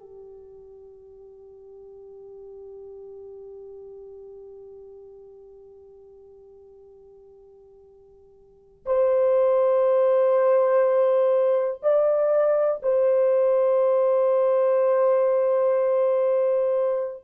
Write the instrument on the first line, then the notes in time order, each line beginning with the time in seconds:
horn
0.00 G4
8.86 C5
11.83 D5
12.83 C5